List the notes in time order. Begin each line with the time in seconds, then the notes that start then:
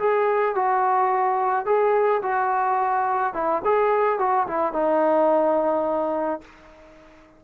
0.00 G#4
0.56 F#4
1.66 G#4
2.23 F#4
3.34 E4
3.65 G#4
4.20 F#4
4.48 E4
4.74 D#4